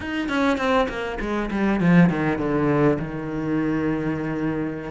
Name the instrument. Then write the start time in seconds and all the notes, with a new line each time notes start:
cello
0.00 D#4
0.28 C#4
0.57 C4
0.88 A#3
1.20 G#3
1.50 G3
1.80 F3
2.09 D#3
2.38 D3
2.98 D#3